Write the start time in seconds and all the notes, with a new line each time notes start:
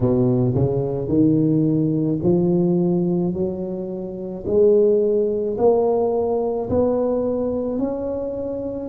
0.00 B2
0.55 C#3
1.08 D#3
2.22 F3
3.33 F#3
4.46 G#3
5.58 A#3
6.69 B3
7.78 C#4